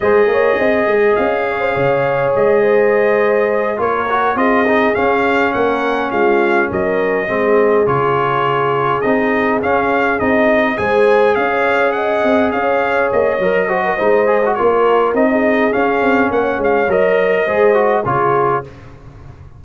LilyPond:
<<
  \new Staff \with { instrumentName = "trumpet" } { \time 4/4 \tempo 4 = 103 dis''2 f''2 | dis''2~ dis''8 cis''4 dis''8~ | dis''8 f''4 fis''4 f''4 dis''8~ | dis''4. cis''2 dis''8~ |
dis''8 f''4 dis''4 gis''4 f''8~ | f''8 fis''4 f''4 dis''4.~ | dis''4 cis''4 dis''4 f''4 | fis''8 f''8 dis''2 cis''4 | }
  \new Staff \with { instrumentName = "horn" } { \time 4/4 c''8 cis''8 dis''4. cis''16 c''16 cis''4~ | cis''8 c''2 ais'4 gis'8~ | gis'4. ais'4 f'4 ais'8~ | ais'8 gis'2.~ gis'8~ |
gis'2~ gis'8 c''4 cis''8~ | cis''8 dis''4 cis''2 c''16 ais'16 | c''4 ais'4~ ais'16 gis'4.~ gis'16 | cis''2 c''4 gis'4 | }
  \new Staff \with { instrumentName = "trombone" } { \time 4/4 gis'1~ | gis'2~ gis'8 f'8 fis'8 f'8 | dis'8 cis'2.~ cis'8~ | cis'8 c'4 f'2 dis'8~ |
dis'8 cis'4 dis'4 gis'4.~ | gis'2. ais'8 fis'8 | dis'8 gis'16 fis'16 f'4 dis'4 cis'4~ | cis'4 ais'4 gis'8 fis'8 f'4 | }
  \new Staff \with { instrumentName = "tuba" } { \time 4/4 gis8 ais8 c'8 gis8 cis'4 cis4 | gis2~ gis8 ais4 c'8~ | c'8 cis'4 ais4 gis4 fis8~ | fis8 gis4 cis2 c'8~ |
c'8 cis'4 c'4 gis4 cis'8~ | cis'4 c'8 cis'4 ais8 fis4 | gis4 ais4 c'4 cis'8 c'8 | ais8 gis8 fis4 gis4 cis4 | }
>>